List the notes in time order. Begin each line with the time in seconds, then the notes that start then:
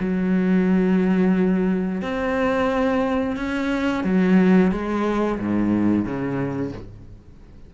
0.00 F#3
2.02 C4
3.37 C#4
4.04 F#3
4.72 G#3
5.40 G#2
6.05 C#3